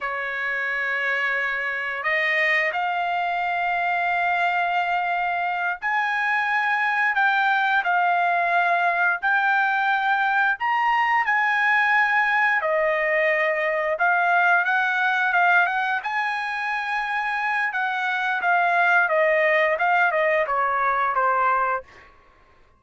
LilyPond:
\new Staff \with { instrumentName = "trumpet" } { \time 4/4 \tempo 4 = 88 cis''2. dis''4 | f''1~ | f''8 gis''2 g''4 f''8~ | f''4. g''2 ais''8~ |
ais''8 gis''2 dis''4.~ | dis''8 f''4 fis''4 f''8 fis''8 gis''8~ | gis''2 fis''4 f''4 | dis''4 f''8 dis''8 cis''4 c''4 | }